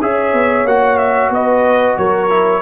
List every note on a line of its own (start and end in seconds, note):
0.00 0.33 C#4
0.00 0.67 G#4
0.00 1.34 C#5
0.00 0.67 E5
0.33 0.65 B3
0.65 1.30 A#3
0.65 2.30 F#4
0.65 0.98 F#5
0.98 1.30 E5
1.30 1.95 B3
1.30 1.98 B4
1.30 1.97 D#5
1.97 2.62 F#3
1.97 2.62 A#4
1.97 2.62 C#5
2.30 2.62 E4